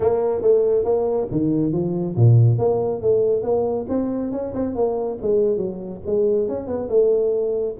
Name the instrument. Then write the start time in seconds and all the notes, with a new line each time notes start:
tuba
0.00 A#3
0.41 A3
0.84 A#3
1.31 D#3
1.72 F3
2.15 A#2
2.58 A#3
3.01 A3
3.43 A#3
3.88 C4
4.32 C#4
4.54 C4
4.75 A#3
5.22 G#3
5.57 F#3
6.05 G#3
6.48 C#4
6.67 B3
6.89 A3